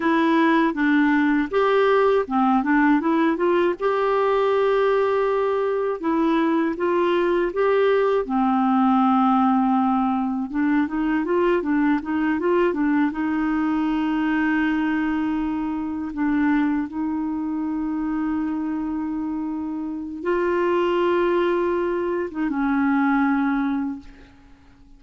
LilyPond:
\new Staff \with { instrumentName = "clarinet" } { \time 4/4 \tempo 4 = 80 e'4 d'4 g'4 c'8 d'8 | e'8 f'8 g'2. | e'4 f'4 g'4 c'4~ | c'2 d'8 dis'8 f'8 d'8 |
dis'8 f'8 d'8 dis'2~ dis'8~ | dis'4. d'4 dis'4.~ | dis'2. f'4~ | f'4.~ f'16 dis'16 cis'2 | }